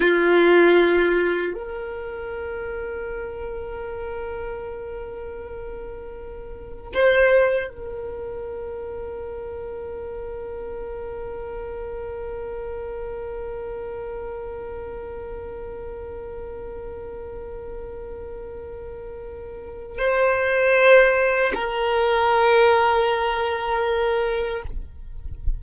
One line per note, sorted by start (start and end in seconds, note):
0.00 1.53 F4
1.53 6.92 A#4
6.93 7.69 C5
7.69 19.98 A#4
19.98 21.52 C5
21.54 24.62 A#4